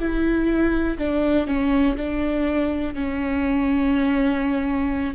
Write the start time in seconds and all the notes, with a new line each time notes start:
0.00 E4
0.99 D4
1.48 C#4
1.97 D4
2.95 C#4